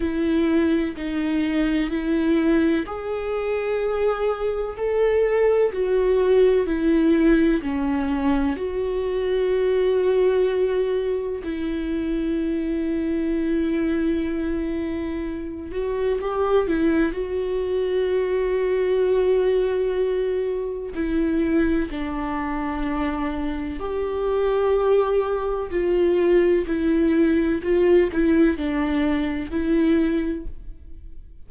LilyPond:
\new Staff \with { instrumentName = "viola" } { \time 4/4 \tempo 4 = 63 e'4 dis'4 e'4 gis'4~ | gis'4 a'4 fis'4 e'4 | cis'4 fis'2. | e'1~ |
e'8 fis'8 g'8 e'8 fis'2~ | fis'2 e'4 d'4~ | d'4 g'2 f'4 | e'4 f'8 e'8 d'4 e'4 | }